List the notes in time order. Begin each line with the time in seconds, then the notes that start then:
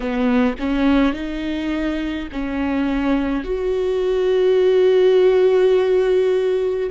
0.00 B3
0.59 C#4
1.13 D#4
2.31 C#4
3.44 F#4